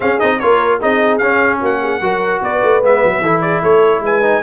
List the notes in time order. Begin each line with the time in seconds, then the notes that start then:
0.00 C#4 G#4 F5
0.19 C4 D#4 D#5
0.39 A#3 F4 A#4 C#5
0.79 C4 D#4 G#4 D#5
1.18 C#4 F5
1.60 A#3 F#4 F#5
1.82 G#4
2.00 F#3 F#4 A#4
2.42 B3 B4 D5
2.62 A3
2.82 G#3 B3 E5
3.03 F#3
3.20 E3 E4 A4
3.41 G#4 D5
3.62 A3 A4 C#5
4.00 G#3 B4 G#5
4.22 D#4